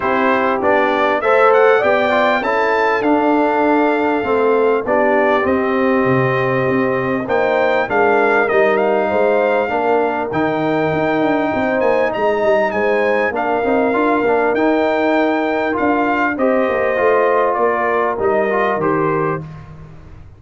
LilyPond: <<
  \new Staff \with { instrumentName = "trumpet" } { \time 4/4 \tempo 4 = 99 c''4 d''4 e''8 fis''8 g''4 | a''4 f''2. | d''4 dis''2. | g''4 f''4 dis''8 f''4.~ |
f''4 g''2~ g''8 gis''8 | ais''4 gis''4 f''2 | g''2 f''4 dis''4~ | dis''4 d''4 dis''4 c''4 | }
  \new Staff \with { instrumentName = "horn" } { \time 4/4 g'2 c''4 d''4 | a'1 | g'1 | c''4 ais'2 c''4 |
ais'2. c''4 | dis''4 c''4 ais'2~ | ais'2. c''4~ | c''4 ais'2. | }
  \new Staff \with { instrumentName = "trombone" } { \time 4/4 e'4 d'4 a'4 g'8 f'8 | e'4 d'2 c'4 | d'4 c'2. | dis'4 d'4 dis'2 |
d'4 dis'2.~ | dis'2 d'8 dis'8 f'8 d'8 | dis'2 f'4 g'4 | f'2 dis'8 f'8 g'4 | }
  \new Staff \with { instrumentName = "tuba" } { \time 4/4 c'4 b4 a4 b4 | cis'4 d'2 a4 | b4 c'4 c4 c'4 | ais4 gis4 g4 gis4 |
ais4 dis4 dis'8 d'8 c'8 ais8 | gis8 g8 gis4 ais8 c'8 d'8 ais8 | dis'2 d'4 c'8 ais8 | a4 ais4 g4 dis4 | }
>>